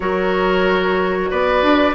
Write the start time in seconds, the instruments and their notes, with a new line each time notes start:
0.00 bassoon F#3, clarinet F#4, oboe A#4, flute C#5
1.30 bassoon B3, oboe B4, flute D5
1.62 bassoon D4